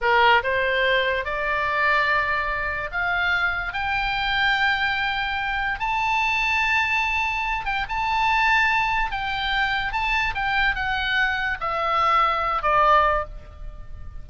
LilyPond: \new Staff \with { instrumentName = "oboe" } { \time 4/4 \tempo 4 = 145 ais'4 c''2 d''4~ | d''2. f''4~ | f''4 g''2.~ | g''2 a''2~ |
a''2~ a''8 g''8 a''4~ | a''2 g''2 | a''4 g''4 fis''2 | e''2~ e''8 d''4. | }